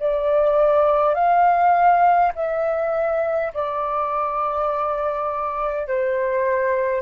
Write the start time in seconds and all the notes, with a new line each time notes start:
0.00 D5
1.15 F5
2.36 E5
3.54 D5
5.88 C5